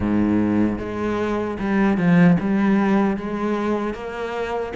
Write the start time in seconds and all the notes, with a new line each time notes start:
0.00 G#2
0.78 G#3
1.59 G3
1.97 F3
2.40 G3
3.16 G#3
3.93 A#3